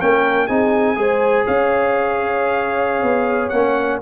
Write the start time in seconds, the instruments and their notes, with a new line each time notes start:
0.00 tuba A#3, trombone C#4, horn A#4, trumpet G5
0.47 tuba C4, trombone D#4, horn G#4, trumpet G#5
0.96 tuba G#3, trombone G#4, horn C5
1.46 tuba C#4, horn C#5, trumpet F5
3.03 tuba B3
3.49 tuba A#3, trombone C#4, trumpet F#5